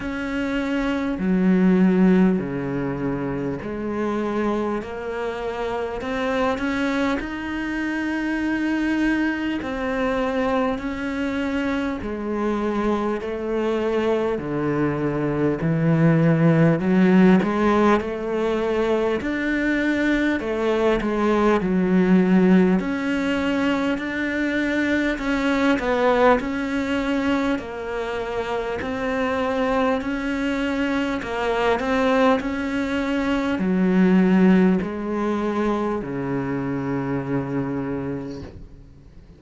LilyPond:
\new Staff \with { instrumentName = "cello" } { \time 4/4 \tempo 4 = 50 cis'4 fis4 cis4 gis4 | ais4 c'8 cis'8 dis'2 | c'4 cis'4 gis4 a4 | d4 e4 fis8 gis8 a4 |
d'4 a8 gis8 fis4 cis'4 | d'4 cis'8 b8 cis'4 ais4 | c'4 cis'4 ais8 c'8 cis'4 | fis4 gis4 cis2 | }